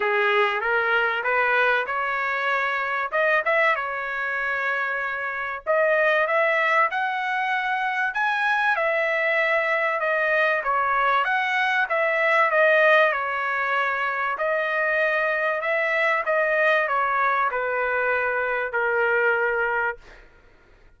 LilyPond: \new Staff \with { instrumentName = "trumpet" } { \time 4/4 \tempo 4 = 96 gis'4 ais'4 b'4 cis''4~ | cis''4 dis''8 e''8 cis''2~ | cis''4 dis''4 e''4 fis''4~ | fis''4 gis''4 e''2 |
dis''4 cis''4 fis''4 e''4 | dis''4 cis''2 dis''4~ | dis''4 e''4 dis''4 cis''4 | b'2 ais'2 | }